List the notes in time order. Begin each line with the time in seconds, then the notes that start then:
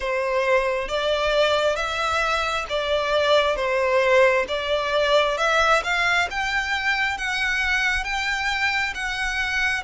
0.00 C5
0.88 D5
1.76 E5
2.69 D5
3.56 C5
4.48 D5
5.37 E5
5.83 F5
6.30 G5
7.17 F#5
8.04 G5
8.94 F#5